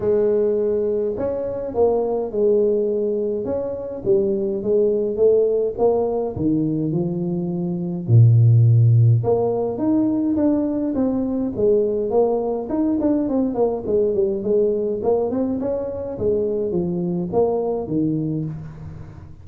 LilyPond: \new Staff \with { instrumentName = "tuba" } { \time 4/4 \tempo 4 = 104 gis2 cis'4 ais4 | gis2 cis'4 g4 | gis4 a4 ais4 dis4 | f2 ais,2 |
ais4 dis'4 d'4 c'4 | gis4 ais4 dis'8 d'8 c'8 ais8 | gis8 g8 gis4 ais8 c'8 cis'4 | gis4 f4 ais4 dis4 | }